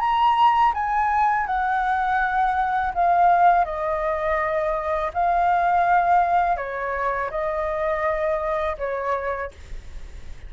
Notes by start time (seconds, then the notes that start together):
0.00 A#5
0.74 G#5
1.47 F#5
2.95 F5
3.65 D#5
5.14 F5
6.57 C#5
7.31 D#5
8.78 C#5